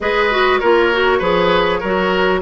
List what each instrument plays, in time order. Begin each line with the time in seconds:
0.00 bassoon G#3, clarinet G#4, oboe B4, flute D#5
0.30 clarinet F#4
0.59 bassoon A#3, clarinet F4, oboe A#4, flute C#5
0.92 clarinet F#4
1.18 bassoon F3, clarinet G#4, oboe B4
1.79 bassoon F#3, clarinet F#4, oboe A#4